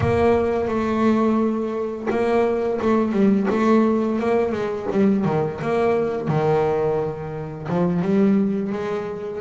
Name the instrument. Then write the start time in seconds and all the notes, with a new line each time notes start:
double bass
0.00 A#3
0.68 A3
2.10 A#3
2.81 A3
3.12 G3
3.49 A3
4.19 A#3
4.52 G#3
4.91 G3
5.25 D#3
5.61 A#3
6.28 D#3
7.68 F3
8.02 G3
8.72 G#3